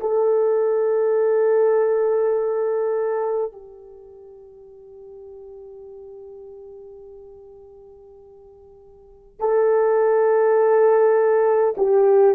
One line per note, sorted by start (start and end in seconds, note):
0.00 3.52 A4
3.52 9.40 G4
9.40 11.75 A4
11.77 12.35 G4